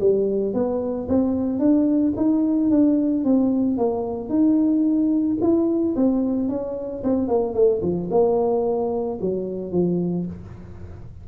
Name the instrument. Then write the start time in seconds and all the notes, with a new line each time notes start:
tuba
0.00 G3
0.54 B3
1.08 C4
1.59 D4
2.16 D#4
2.70 D4
3.24 C4
3.77 A#3
4.29 D#4
5.41 E4
5.96 C4
6.49 C#4
7.03 C4
7.28 A#3
7.54 A3
7.82 F3
8.11 A#3
9.21 F#3
9.71 F3